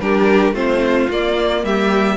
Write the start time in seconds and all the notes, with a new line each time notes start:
0.00 G3 D4 G4 A#4
0.53 A3 C4 F4 C5
1.10 A#3 D5
1.64 G3 G4 E5